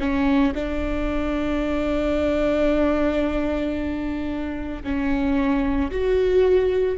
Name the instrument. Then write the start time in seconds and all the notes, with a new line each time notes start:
viola
0.00 C#4
0.55 D4
4.84 C#4
5.91 F#4